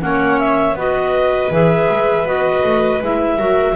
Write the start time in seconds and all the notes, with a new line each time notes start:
0.00 A#3 C#4 C#5 F#5
0.39 E5
0.74 B3 F#4 B4 D#5
1.51 E3 G#4 E5
1.90 G#3
2.25 B3 F#4 D#5
2.63 A3
3.02 G#3 E4 E5
3.38 F#3 F#4 A#4